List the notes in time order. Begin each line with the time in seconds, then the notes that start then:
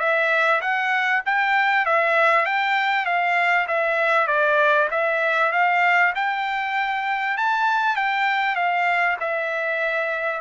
0.00 E5
0.62 F#5
1.26 G5
1.86 E5
2.46 G5
3.06 F5
3.68 E5
4.27 D5
4.91 E5
5.52 F5
6.16 G5
7.37 A5
7.96 G5
8.56 F5
9.20 E5